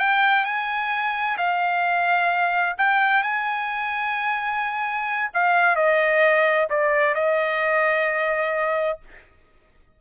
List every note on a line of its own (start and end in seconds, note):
0.00 0.45 G5
0.45 1.38 G#5
1.38 2.77 F5
2.78 3.23 G5
3.23 5.31 G#5
5.35 5.76 F5
5.76 6.68 D#5
6.70 7.15 D5
7.15 9.00 D#5